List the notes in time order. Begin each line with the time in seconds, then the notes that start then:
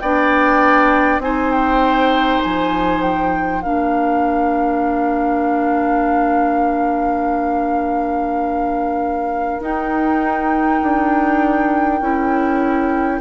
0.00 B3 D4 D5 G5
1.19 C4 D#4 C5 G#5
1.52 G5
2.42 F3 G#5
3.02 G5
3.62 A#3 D4 A#4 F5
9.61 D#4 G5
10.83 D4
12.01 C#4 E4